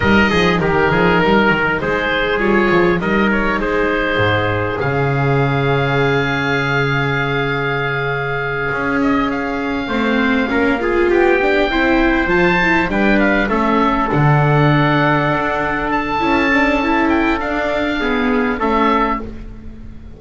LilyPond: <<
  \new Staff \with { instrumentName = "oboe" } { \time 4/4 \tempo 4 = 100 dis''4 ais'2 c''4 | cis''4 dis''8 cis''8 c''2 | f''1~ | f''2. dis''8 f''8~ |
f''2~ f''8 g''4.~ | g''8 a''4 g''8 f''8 e''4 fis''8~ | fis''2~ fis''8 a''4.~ | a''8 g''8 f''2 e''4 | }
  \new Staff \with { instrumentName = "trumpet" } { \time 4/4 ais'8 gis'8 g'8 gis'8 ais'4 gis'4~ | gis'4 ais'4 gis'2~ | gis'1~ | gis'1~ |
gis'8 c''4 ais'8 gis'8 g'4 c''8~ | c''4. b'4 a'4.~ | a'1~ | a'2 gis'4 a'4 | }
  \new Staff \with { instrumentName = "viola" } { \time 4/4 dis'1 | f'4 dis'2. | cis'1~ | cis'1~ |
cis'8 c'4 cis'8 f'4 d'8 e'8~ | e'8 f'8 e'8 d'4 cis'4 d'8~ | d'2. e'8 d'8 | e'4 d'4 b4 cis'4 | }
  \new Staff \with { instrumentName = "double bass" } { \time 4/4 g8 f8 dis8 f8 g8 dis8 gis4 | g8 f8 g4 gis4 gis,4 | cis1~ | cis2~ cis8 cis'4.~ |
cis'8 a4 ais4 b4 c'8~ | c'8 f4 g4 a4 d8~ | d4. d'4. cis'4~ | cis'4 d'2 a4 | }
>>